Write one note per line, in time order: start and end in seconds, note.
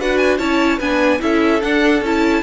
0.00 0.39 D4
0.00 0.39 F#4
0.00 0.38 B4
0.00 0.17 F#5
0.17 0.38 G#5
0.38 0.79 C#4
0.38 0.80 E4
0.38 0.78 C#5
0.38 0.79 A5
0.78 1.21 B3
0.78 1.19 D4
0.78 1.19 B4
0.78 1.21 G#5
1.19 1.63 C#4
1.19 1.60 E4
1.19 2.43 A4
1.19 1.62 E5
1.62 2.03 D4
1.62 2.02 D4
1.62 2.03 F#5
2.02 2.42 C#4
2.02 2.43 E4
2.02 2.43 A5